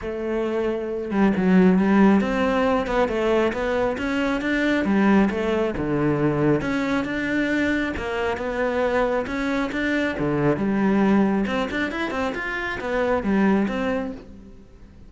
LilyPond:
\new Staff \with { instrumentName = "cello" } { \time 4/4 \tempo 4 = 136 a2~ a8 g8 fis4 | g4 c'4. b8 a4 | b4 cis'4 d'4 g4 | a4 d2 cis'4 |
d'2 ais4 b4~ | b4 cis'4 d'4 d4 | g2 c'8 d'8 e'8 c'8 | f'4 b4 g4 c'4 | }